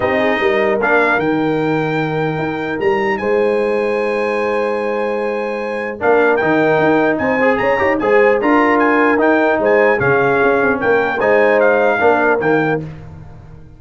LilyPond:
<<
  \new Staff \with { instrumentName = "trumpet" } { \time 4/4 \tempo 4 = 150 dis''2 f''4 g''4~ | g''2. ais''4 | gis''1~ | gis''2. f''4 |
g''2 gis''4 ais''4 | gis''4 ais''4 gis''4 g''4 | gis''4 f''2 g''4 | gis''4 f''2 g''4 | }
  \new Staff \with { instrumentName = "horn" } { \time 4/4 g'8 gis'8 ais'2.~ | ais'1 | c''1~ | c''2. ais'4~ |
ais'2 c''4 cis''4 | c''4 ais'2. | c''4 gis'2 ais'4 | c''2 ais'2 | }
  \new Staff \with { instrumentName = "trombone" } { \time 4/4 dis'2 d'4 dis'4~ | dis'1~ | dis'1~ | dis'2. d'4 |
dis'2~ dis'8 gis'4 g'8 | gis'4 f'2 dis'4~ | dis'4 cis'2. | dis'2 d'4 ais4 | }
  \new Staff \with { instrumentName = "tuba" } { \time 4/4 c'4 g4 ais4 dis4~ | dis2 dis'4 g4 | gis1~ | gis2. ais4 |
dis4 dis'4 c'4 cis'8 dis'8 | gis4 d'2 dis'4 | gis4 cis4 cis'8 c'8 ais4 | gis2 ais4 dis4 | }
>>